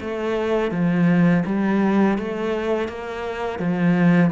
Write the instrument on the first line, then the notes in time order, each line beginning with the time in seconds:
cello
0.00 A3
0.71 F3
1.45 G3
2.18 A3
2.88 A#3
3.59 F3